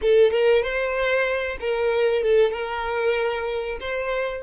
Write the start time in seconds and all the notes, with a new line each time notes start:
0.01 A4
0.31 A#4
0.62 C5
1.60 A#4
2.22 A4
2.51 A#4
3.80 C5